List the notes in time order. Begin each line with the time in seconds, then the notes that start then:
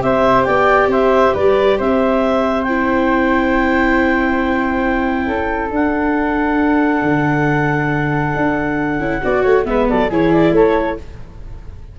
0.00 C4 G4 C5 E5
0.43 B3 D5 G5
0.87 C4 C5 E5
1.33 G3 B4 D5
1.77 C4 C5 E5
2.62 E4 G5
5.26 C#4 A4
5.71 D4 F#5
7.02 D3
8.36 D4
8.99 C#4 E4
9.22 B3 F#4 D5
9.42 A3 C#5
9.65 G#3 B3 B4 E5
9.89 F#3 A4 D5
10.09 E3 E4 G#4 C#5
10.32 D5
10.51 A3 A4 C#5